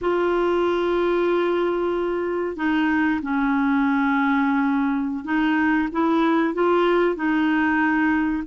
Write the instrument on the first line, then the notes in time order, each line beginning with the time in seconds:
clarinet
0.01 F4
2.56 D#4
3.21 C#4
5.24 D#4
5.92 E4
6.54 F4
7.15 D#4